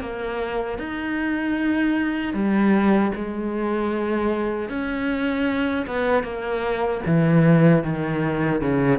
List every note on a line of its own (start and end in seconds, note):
0.00 0.78 A#3
0.78 2.33 D#4
2.33 3.11 G3
3.15 4.69 G#3
4.69 5.86 C#4
5.86 6.23 B3
6.23 7.01 A#3
7.06 7.83 E3
7.83 8.61 D#3
8.61 8.98 C#3